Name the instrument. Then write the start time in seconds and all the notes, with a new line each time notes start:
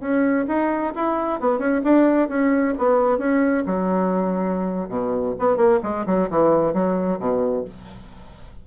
bassoon
0.00 C#4
0.48 D#4
0.95 E4
1.40 B3
1.58 C#4
1.84 D4
2.29 C#4
2.78 B3
3.18 C#4
3.66 F#3
4.88 B2
5.39 B3
5.57 A#3
5.83 G#3
6.06 F#3
6.30 E3
6.73 F#3
7.19 B2